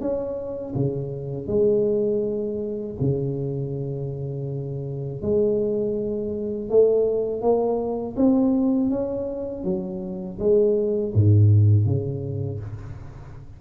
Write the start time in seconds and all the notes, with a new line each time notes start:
0.00 C#4
0.74 C#3
1.47 G#3
3.00 C#3
5.22 G#3
6.69 A3
7.41 A#3
8.16 C4
8.90 C#4
9.64 F#3
10.39 G#3
11.14 G#2
11.85 C#3